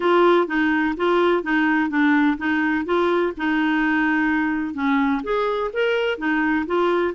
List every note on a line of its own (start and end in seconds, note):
0.00 0.47 F4
0.47 0.95 D#4
0.96 1.43 F4
1.43 1.89 D#4
1.89 2.37 D4
2.37 2.85 D#4
2.85 3.32 F4
3.37 4.74 D#4
4.74 5.21 C#4
5.23 5.70 G#4
5.73 6.18 A#4
6.18 6.65 D#4
6.66 7.14 F4